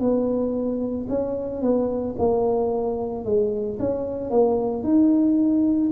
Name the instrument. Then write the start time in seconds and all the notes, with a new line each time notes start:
tuba
0.00 B3
1.09 C#4
1.62 B3
2.19 A#3
3.25 G#3
3.80 C#4
4.31 A#3
4.84 D#4